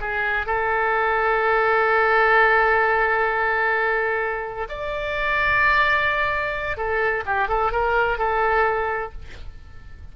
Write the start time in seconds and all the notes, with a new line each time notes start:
0.00 G#4
0.46 A4
4.69 D5
6.76 A4
7.25 G4
7.48 A4
7.71 A#4
8.18 A4